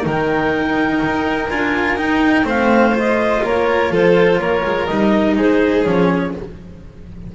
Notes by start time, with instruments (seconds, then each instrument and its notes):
0.00 double bass D#3, cello D#4
0.06 violin A#4, clarinet G5
1.04 double bass D#4
1.49 double bass D4, cello F4, clarinet G#5
1.96 cello D#4, double bass D#4, clarinet G5
2.44 double bass A3, cello C4, violin C5, clarinet F5
2.94 cello F4, clarinet D#5
3.43 double bass A#3, violin A#4, clarinet C#5
3.91 double bass F3, violin A4, clarinet C5
4.38 double bass A#3, violin A#4, clarinet C#5
4.64 double bass G#3
4.86 double bass G3, cello D#4, clarinet D#5
5.36 double bass G#3, violin G#4, clarinet C5
5.84 double bass F3, cello C#4, clarinet C#5